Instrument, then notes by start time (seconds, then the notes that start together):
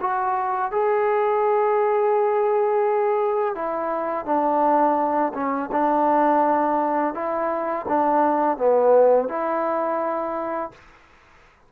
trombone
0.00 F#4
0.71 G#4
3.55 E4
4.25 D4
5.33 C#4
5.71 D4
7.14 E4
7.88 D4
8.57 B3
9.28 E4